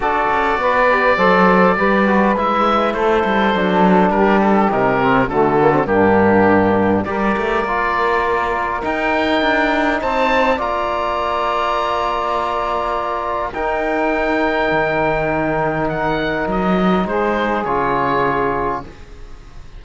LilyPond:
<<
  \new Staff \with { instrumentName = "oboe" } { \time 4/4 \tempo 4 = 102 d''1 | e''4 c''2 ais'8 a'8 | ais'4 a'4 g'2 | d''2. g''4~ |
g''4 a''4 ais''2~ | ais''2. g''4~ | g''2. fis''4 | dis''4 c''4 cis''2 | }
  \new Staff \with { instrumentName = "saxophone" } { \time 4/4 a'4 b'4 c''4 b'4~ | b'4 a'2 g'4~ | g'4 fis'4 d'2 | ais'1~ |
ais'4 c''4 d''2~ | d''2. ais'4~ | ais'1~ | ais'4 gis'2. | }
  \new Staff \with { instrumentName = "trombone" } { \time 4/4 fis'4. g'8 a'4 g'8 fis'8 | e'2 d'2 | dis'8 c'8 a8 ais16 c'16 ais2 | g'4 f'2 dis'4~ |
dis'2 f'2~ | f'2. dis'4~ | dis'1~ | dis'2 f'2 | }
  \new Staff \with { instrumentName = "cello" } { \time 4/4 d'8 cis'8 b4 fis4 g4 | gis4 a8 g8 fis4 g4 | c4 d4 g,2 | g8 a8 ais2 dis'4 |
d'4 c'4 ais2~ | ais2. dis'4~ | dis'4 dis2. | fis4 gis4 cis2 | }
>>